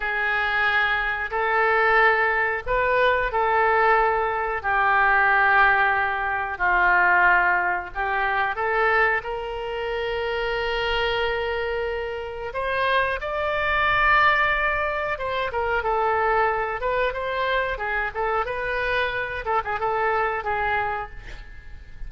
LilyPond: \new Staff \with { instrumentName = "oboe" } { \time 4/4 \tempo 4 = 91 gis'2 a'2 | b'4 a'2 g'4~ | g'2 f'2 | g'4 a'4 ais'2~ |
ais'2. c''4 | d''2. c''8 ais'8 | a'4. b'8 c''4 gis'8 a'8 | b'4. a'16 gis'16 a'4 gis'4 | }